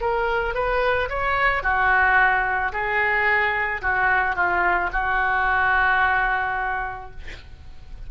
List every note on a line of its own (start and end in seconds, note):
0.00 0.54 A#4
0.54 1.09 B4
1.09 1.63 C#5
1.63 2.72 F#4
2.72 3.81 G#4
3.81 4.35 F#4
4.35 4.90 F4
4.92 7.11 F#4